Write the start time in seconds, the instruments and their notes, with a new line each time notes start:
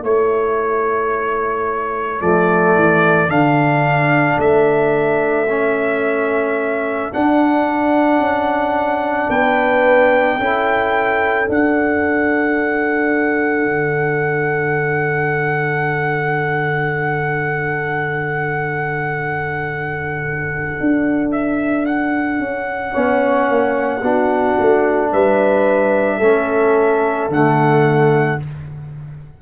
0.00 tuba A3, trombone E4, horn A4, trumpet C#5
2.20 tuba F3, trombone A3, trumpet D5
2.76 tuba E3
3.28 tuba D3, trombone D4, trumpet F5
4.38 tuba A3, trumpet E5
5.49 trombone C#4
7.12 trombone D4, tuba D4, trumpet F#5
8.19 tuba C#4
9.29 tuba B3, horn B4, trumpet G5
10.39 tuba C#4, trombone E4, horn A4
11.45 trombone D4, tuba D4, trumpet F#5
13.65 tuba D3
20.80 tuba D4
21.32 trumpet E5
21.86 trumpet F#5
22.39 tuba C#4
22.92 tuba B3, trombone C#4, horn C#5
23.50 tuba A#3
24.02 tuba B3, trombone D4, horn F#4
24.59 tuba A3
25.13 tuba G3, horn B4, trumpet E5
26.18 tuba A3, trombone C#4, horn A4
27.29 tuba D3, trombone A3, trumpet F#5